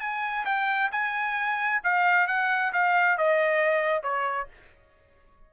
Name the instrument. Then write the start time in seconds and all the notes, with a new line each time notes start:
trumpet
0.00 G#5
0.46 G5
0.92 G#5
1.84 F5
2.27 F#5
2.73 F5
3.18 D#5
4.03 C#5